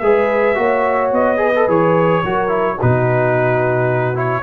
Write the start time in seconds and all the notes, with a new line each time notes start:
0.00 G#3 G#4 B4 E5
0.55 A#3 F#4 C#5
1.13 B3 D#5
1.37 G#4 B4
1.56 A4
1.68 E3 G#4 C#5
2.24 F#3 F#4 A#4
2.48 E4
2.75 F#4 B4
2.81 B2 D#4
4.15 E4 C#5